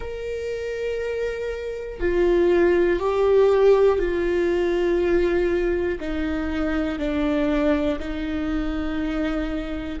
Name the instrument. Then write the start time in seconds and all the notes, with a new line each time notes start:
viola
0.00 A#4
2.00 F4
2.99 G4
3.98 F4
6.00 D#4
6.99 D4
7.99 D#4